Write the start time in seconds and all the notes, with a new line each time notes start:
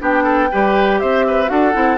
0.00 B3 D4 G4 G5
0.24 A4
0.52 G3 G4 B4
1.00 C4 C5 E5
1.28 B4
1.47 D4 F#4 A4 F#5
1.74 C4 E4